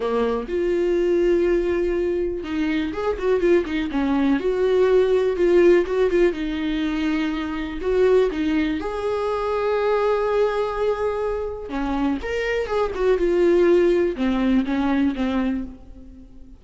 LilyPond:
\new Staff \with { instrumentName = "viola" } { \time 4/4 \tempo 4 = 123 ais4 f'2.~ | f'4 dis'4 gis'8 fis'8 f'8 dis'8 | cis'4 fis'2 f'4 | fis'8 f'8 dis'2. |
fis'4 dis'4 gis'2~ | gis'1 | cis'4 ais'4 gis'8 fis'8 f'4~ | f'4 c'4 cis'4 c'4 | }